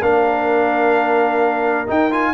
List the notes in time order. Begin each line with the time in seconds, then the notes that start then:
0.00 A#3 D4 A#4 F5
1.86 D#4 G5
2.10 F4 G#5